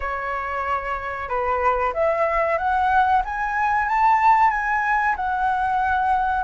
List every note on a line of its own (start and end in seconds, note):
0.00 1.28 C#5
1.28 1.93 B4
1.93 2.58 E5
2.58 3.22 F#5
3.24 3.88 G#5
3.88 4.50 A5
4.50 5.15 G#5
5.16 6.43 F#5